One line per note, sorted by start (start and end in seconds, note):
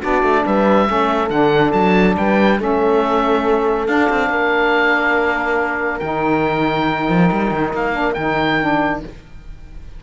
0.00 0.23 B3
0.00 0.87 D4
0.00 0.43 F#4
0.00 0.46 D5
0.23 0.44 A3
0.46 0.89 G3
0.46 0.88 B4
0.46 1.30 E5
0.87 1.30 A3
0.87 1.29 C#4
0.87 2.17 A4
1.30 1.73 D3
1.30 2.58 D4
1.30 1.72 F#5
1.72 2.17 F#3
1.72 2.15 A5
2.17 2.60 G3
2.17 2.59 B4
2.17 2.60 G5
2.58 3.88 A3
2.58 3.86 C#4
2.58 4.30 A4
2.58 3.87 E5
3.87 6.01 D4
3.87 4.10 D4
3.87 5.99 F5
4.10 4.30 C4
4.30 6.01 A#3
4.30 9.02 A#4
5.99 7.09 D#3
5.99 7.92 D#4
5.99 7.71 G5
7.09 7.30 F3
7.32 7.52 G3
7.52 7.73 D#3
7.73 8.16 A#3
7.73 8.14 F5
7.92 8.14 D4
8.14 9.03 D#3
8.14 8.60 D#4
8.14 8.99 G5
8.60 9.03 D4